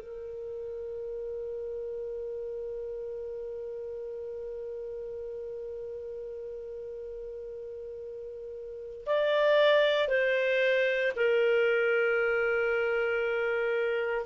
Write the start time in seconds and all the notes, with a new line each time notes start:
0.00 A#4
9.06 D5
10.09 C5
11.16 A#4